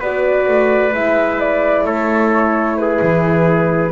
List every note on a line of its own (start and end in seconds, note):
0.00 0.48 B3
0.00 0.92 F#4
0.00 1.85 B4
0.00 0.94 D5
0.48 0.94 A3
0.92 1.84 G#3
0.92 3.92 E4
0.92 1.40 E5
1.40 1.86 D5
1.84 3.00 A3
1.84 2.78 A4
1.84 2.78 C#5
2.78 3.92 G#4
2.78 3.92 B4
3.02 3.92 E3